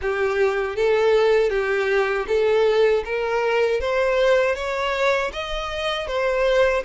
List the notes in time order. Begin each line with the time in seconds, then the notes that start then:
0.01 G4
0.76 A4
1.50 G4
2.28 A4
3.04 A#4
3.80 C5
4.55 C#5
5.32 D#5
6.07 C5